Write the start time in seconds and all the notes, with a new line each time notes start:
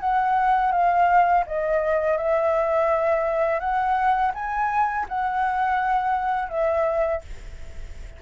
0.00 F#5
0.72 F5
1.46 D#5
2.17 E5
3.59 F#5
4.34 G#5
5.09 F#5
6.49 E5